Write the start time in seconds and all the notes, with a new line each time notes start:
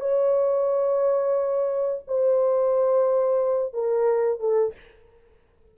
0.00 C#5
2.07 C5
3.73 A#4
4.39 A4